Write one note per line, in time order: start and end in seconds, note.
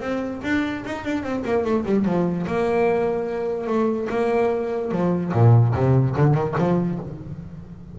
0.00 0.41 C4
0.43 0.84 D4
0.85 1.04 D#4
1.04 1.23 D4
1.23 1.43 C4
1.44 1.64 A#3
1.64 1.84 A3
1.85 2.05 G3
2.05 2.45 F3
2.46 3.67 A#3
3.67 4.08 A3
4.10 4.91 A#3
4.91 5.32 F3
5.32 5.73 A#2
5.74 6.15 C3
6.16 6.34 D3
6.34 6.54 D#3
6.58 6.99 F3